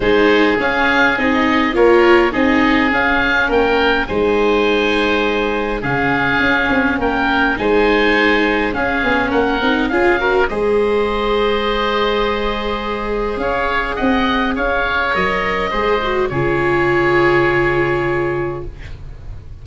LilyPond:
<<
  \new Staff \with { instrumentName = "oboe" } { \time 4/4 \tempo 4 = 103 c''4 f''4 dis''4 cis''4 | dis''4 f''4 g''4 gis''4~ | gis''2 f''2 | g''4 gis''2 f''4 |
fis''4 f''4 dis''2~ | dis''2. f''4 | fis''4 f''4 dis''2 | cis''1 | }
  \new Staff \with { instrumentName = "oboe" } { \time 4/4 gis'2. ais'4 | gis'2 ais'4 c''4~ | c''2 gis'2 | ais'4 c''2 gis'4 |
ais'4 gis'8 ais'8 c''2~ | c''2. cis''4 | dis''4 cis''2 c''4 | gis'1 | }
  \new Staff \with { instrumentName = "viola" } { \time 4/4 dis'4 cis'4 dis'4 f'4 | dis'4 cis'2 dis'4~ | dis'2 cis'2~ | cis'4 dis'2 cis'4~ |
cis'8 dis'8 f'8 fis'8 gis'2~ | gis'1~ | gis'2 ais'4 gis'8 fis'8 | f'1 | }
  \new Staff \with { instrumentName = "tuba" } { \time 4/4 gis4 cis'4 c'4 ais4 | c'4 cis'4 ais4 gis4~ | gis2 cis4 cis'8 c'8 | ais4 gis2 cis'8 b8 |
ais8 c'8 cis'4 gis2~ | gis2. cis'4 | c'4 cis'4 fis4 gis4 | cis1 | }
>>